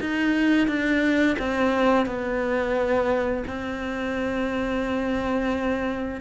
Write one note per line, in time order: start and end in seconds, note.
0.00 0.67 D#4
0.67 1.36 D4
1.39 2.06 C4
2.06 3.44 B3
3.47 6.21 C4